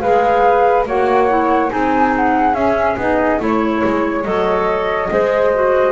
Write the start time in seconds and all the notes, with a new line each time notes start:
0.00 G#3 G#4 B4 F5
0.86 A#3 F#4 C#5 F#5
1.29 E4
1.69 C4 D#4 G#4 G#5
2.17 F#5
2.54 C#4 E5
2.97 B3 D#4 D#5
3.39 A3 E4 C#5
3.84 G#3
4.24 F#3 A4 D#5
5.10 G#3 G#4 C5
5.54 F#4